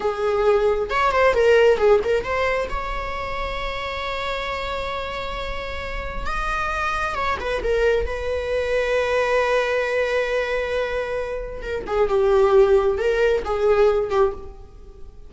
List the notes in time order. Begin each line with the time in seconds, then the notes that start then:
0.00 G#4
0.90 C#5
1.11 C5
1.33 A#4
1.77 G#4
2.04 A#4
2.23 C5
2.69 C#5
6.26 D#5
7.15 C#5
7.40 B4
7.63 A#4
8.06 B4
11.62 A#4
11.87 G#4
12.08 G4
12.98 A#4
13.44 G#4
14.10 G4